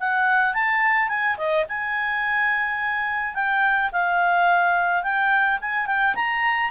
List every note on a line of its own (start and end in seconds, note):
0.00 0.54 F#5
0.54 1.09 A5
1.09 1.37 G#5
1.38 1.66 D#5
1.69 3.35 G#5
3.35 3.91 G5
3.93 5.03 F5
5.03 5.59 G5
5.61 5.87 G#5
5.87 6.15 G5
6.15 6.71 A#5